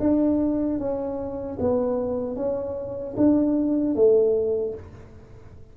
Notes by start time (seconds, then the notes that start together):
0.00 D4
0.79 C#4
1.60 B3
2.36 C#4
3.17 D4
3.95 A3